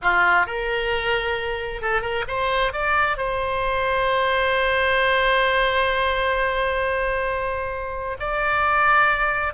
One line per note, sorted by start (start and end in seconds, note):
0.02 0.46 F4
0.46 1.81 A#4
1.81 2.01 A4
2.01 2.24 A#4
2.27 2.72 C5
2.72 3.17 D5
3.17 8.17 C5
8.19 9.53 D5